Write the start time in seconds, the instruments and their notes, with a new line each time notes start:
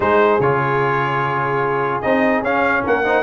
0.00 tuba G#3, trombone D#4, horn G#4, trumpet C5
0.39 tuba C#3, trombone F4, trumpet C#5
2.01 tuba C4, trombone D#4, trumpet D#5
2.41 tuba C#4, trombone C#4, trumpet F5
2.83 tuba A#3, horn A#4, trumpet F#5
3.04 trombone D#4, horn C5